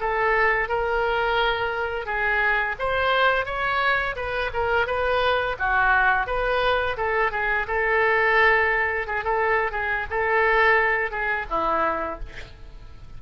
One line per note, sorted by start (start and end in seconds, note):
0.00 0.69 A4
0.69 2.06 A#4
2.06 2.76 G#4
2.79 3.46 C5
3.46 4.15 C#5
4.16 4.51 B4
4.53 4.86 A#4
4.86 5.56 B4
5.59 6.27 F#4
6.27 6.97 B4
6.97 7.32 A4
7.32 7.66 G#4
7.67 9.07 A4
9.07 9.24 G#4
9.24 9.71 A4
9.71 10.06 G#4
10.10 11.11 A4
11.11 11.46 G#4
11.50 12.19 E4